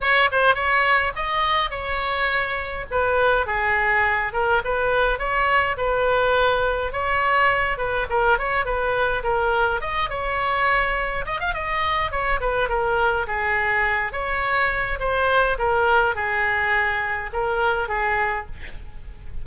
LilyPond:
\new Staff \with { instrumentName = "oboe" } { \time 4/4 \tempo 4 = 104 cis''8 c''8 cis''4 dis''4 cis''4~ | cis''4 b'4 gis'4. ais'8 | b'4 cis''4 b'2 | cis''4. b'8 ais'8 cis''8 b'4 |
ais'4 dis''8 cis''2 dis''16 f''16 | dis''4 cis''8 b'8 ais'4 gis'4~ | gis'8 cis''4. c''4 ais'4 | gis'2 ais'4 gis'4 | }